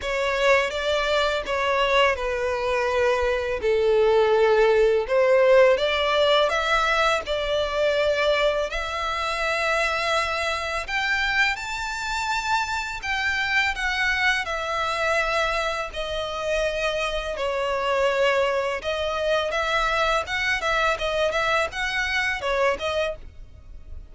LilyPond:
\new Staff \with { instrumentName = "violin" } { \time 4/4 \tempo 4 = 83 cis''4 d''4 cis''4 b'4~ | b'4 a'2 c''4 | d''4 e''4 d''2 | e''2. g''4 |
a''2 g''4 fis''4 | e''2 dis''2 | cis''2 dis''4 e''4 | fis''8 e''8 dis''8 e''8 fis''4 cis''8 dis''8 | }